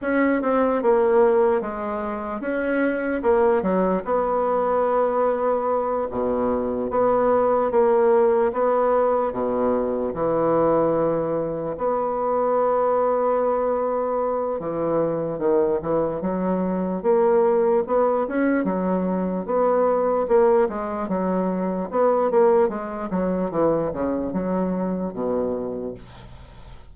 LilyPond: \new Staff \with { instrumentName = "bassoon" } { \time 4/4 \tempo 4 = 74 cis'8 c'8 ais4 gis4 cis'4 | ais8 fis8 b2~ b8 b,8~ | b,8 b4 ais4 b4 b,8~ | b,8 e2 b4.~ |
b2 e4 dis8 e8 | fis4 ais4 b8 cis'8 fis4 | b4 ais8 gis8 fis4 b8 ais8 | gis8 fis8 e8 cis8 fis4 b,4 | }